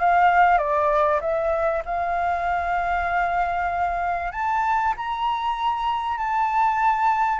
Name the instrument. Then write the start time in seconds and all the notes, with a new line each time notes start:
flute
0.00 F5
0.58 D5
1.21 E5
1.85 F5
4.32 A5
4.97 A#5
6.18 A5